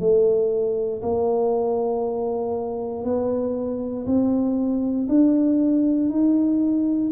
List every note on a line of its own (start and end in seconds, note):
0.00 1.02 A3
1.03 3.04 A#3
3.04 4.06 B3
4.06 5.08 C4
5.09 6.10 D4
6.10 7.12 D#4